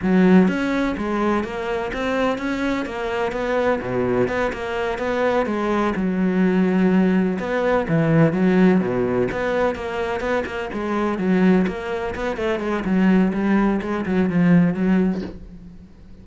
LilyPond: \new Staff \with { instrumentName = "cello" } { \time 4/4 \tempo 4 = 126 fis4 cis'4 gis4 ais4 | c'4 cis'4 ais4 b4 | b,4 b8 ais4 b4 gis8~ | gis8 fis2. b8~ |
b8 e4 fis4 b,4 b8~ | b8 ais4 b8 ais8 gis4 fis8~ | fis8 ais4 b8 a8 gis8 fis4 | g4 gis8 fis8 f4 fis4 | }